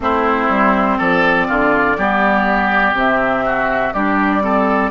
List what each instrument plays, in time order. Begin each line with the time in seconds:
0.00 bassoon A3, clarinet C4, oboe E4, flute C5
0.49 bassoon G3
0.98 bassoon F3, oboe A4, flute D5
1.47 bassoon D3, oboe F4
1.97 bassoon G3, clarinet B3, oboe G4
2.93 bassoon C3, clarinet C4, flute E5
3.45 oboe F#4
3.93 bassoon G3, clarinet D4, oboe G4, flute D5
4.41 clarinet C4, oboe A4